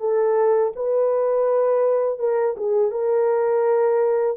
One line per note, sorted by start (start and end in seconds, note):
0.00 0.73 A4
0.76 2.19 B4
2.19 2.56 A#4
2.57 2.91 G#4
2.91 4.37 A#4